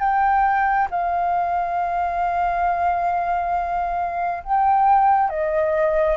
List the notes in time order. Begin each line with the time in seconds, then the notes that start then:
0.00 G5
0.91 F5
4.44 G5
5.29 D#5